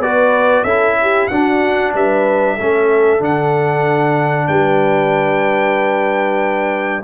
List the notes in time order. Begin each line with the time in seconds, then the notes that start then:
0.00 B3 F#4 B4 D5
0.64 C#4 E4 A4 E5
1.02 G4
1.28 D4 F#4 F#5
1.95 G3 B4 E5
2.55 A3 C#4 A4
3.20 D3 D4 F#5
4.48 G3 B4 G5